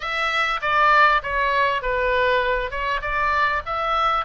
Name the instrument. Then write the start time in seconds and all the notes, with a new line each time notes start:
oboe
0.00 E5
0.61 D5
1.22 C#5
1.82 B4
2.70 C#5
3.01 D5
3.65 E5